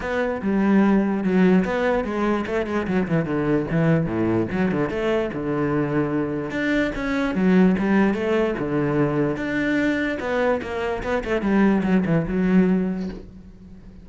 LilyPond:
\new Staff \with { instrumentName = "cello" } { \time 4/4 \tempo 4 = 147 b4 g2 fis4 | b4 gis4 a8 gis8 fis8 e8 | d4 e4 a,4 fis8 d8 | a4 d2. |
d'4 cis'4 fis4 g4 | a4 d2 d'4~ | d'4 b4 ais4 b8 a8 | g4 fis8 e8 fis2 | }